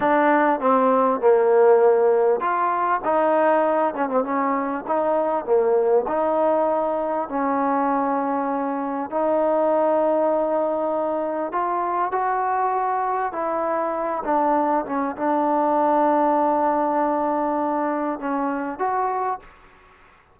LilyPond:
\new Staff \with { instrumentName = "trombone" } { \time 4/4 \tempo 4 = 99 d'4 c'4 ais2 | f'4 dis'4. cis'16 c'16 cis'4 | dis'4 ais4 dis'2 | cis'2. dis'4~ |
dis'2. f'4 | fis'2 e'4. d'8~ | d'8 cis'8 d'2.~ | d'2 cis'4 fis'4 | }